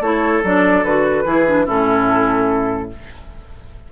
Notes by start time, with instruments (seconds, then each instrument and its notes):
0.00 bassoon A3, clarinet E4, oboe A4, flute C#5
0.43 bassoon F#3, clarinet D4, flute D5
0.83 bassoon D3, clarinet F#4, flute B4
1.25 bassoon E3, clarinet E4, oboe G#4
1.46 clarinet D4
1.65 bassoon A2, clarinet C#4, oboe E4, flute A4